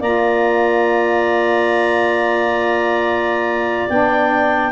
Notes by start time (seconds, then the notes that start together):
0.00 A#3 F4 D5 A#5
3.89 B3 D4 G5